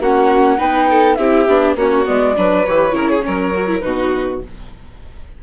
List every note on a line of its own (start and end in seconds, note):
0.00 0.59 A#3
0.00 0.58 C#4
0.00 0.57 F#4
0.00 0.60 F#5
0.57 1.18 B3
0.57 1.17 D#4
0.57 0.87 B4
0.57 1.15 G5
0.90 1.18 A4
1.15 1.47 C4
1.15 1.48 E4
1.15 1.76 G4
1.15 1.74 E5
1.47 1.76 B3
1.47 1.77 D4
1.76 2.05 A#3
1.76 2.05 C#4
1.76 2.36 F#4
1.76 2.06 C#5
2.05 2.37 G#3
2.05 2.34 B3
2.05 2.66 D5
2.36 2.66 F#3
2.36 2.66 D4
2.36 2.95 B4
2.66 2.93 E3
2.66 2.91 G4
2.66 3.80 C#5
2.91 3.22 C#3
2.91 3.21 E4
2.91 3.10 A#4
3.10 3.25 G#4
3.22 3.83 F#3
3.22 3.51 C#4
3.22 3.84 A#4
3.55 3.68 F#4
3.68 3.82 E4
3.80 4.42 B2
3.80 4.40 D#4
3.80 4.43 F#4
3.80 4.38 B4